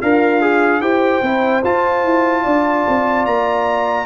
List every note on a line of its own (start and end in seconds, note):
0.00 0.81 D4
0.00 0.81 F4
0.00 0.42 A#4
0.00 0.82 F5
0.42 0.82 G#4
0.81 1.21 E4
0.81 1.22 G4
0.81 2.44 C5
0.81 1.63 G5
1.22 1.63 C4
1.22 1.63 E4
1.64 2.04 F4
1.64 4.07 F4
1.64 3.26 A5
2.05 2.45 E4
2.44 2.86 D4
2.44 4.06 D5
2.89 3.27 C4
3.26 4.07 A#3
3.26 4.07 A#5